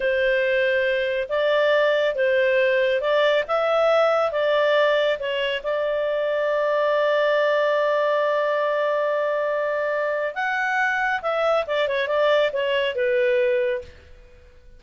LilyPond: \new Staff \with { instrumentName = "clarinet" } { \time 4/4 \tempo 4 = 139 c''2. d''4~ | d''4 c''2 d''4 | e''2 d''2 | cis''4 d''2.~ |
d''1~ | d''1 | fis''2 e''4 d''8 cis''8 | d''4 cis''4 b'2 | }